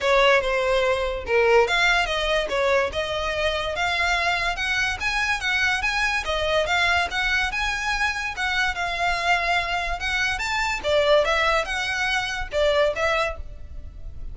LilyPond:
\new Staff \with { instrumentName = "violin" } { \time 4/4 \tempo 4 = 144 cis''4 c''2 ais'4 | f''4 dis''4 cis''4 dis''4~ | dis''4 f''2 fis''4 | gis''4 fis''4 gis''4 dis''4 |
f''4 fis''4 gis''2 | fis''4 f''2. | fis''4 a''4 d''4 e''4 | fis''2 d''4 e''4 | }